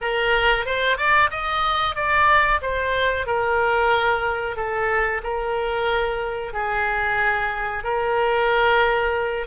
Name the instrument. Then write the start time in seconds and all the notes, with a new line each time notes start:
oboe
0.01 A#4
0.65 C5
0.97 D5
1.30 D#5
1.95 D5
2.61 C5
3.26 A#4
4.56 A4
5.23 A#4
6.53 G#4
7.83 A#4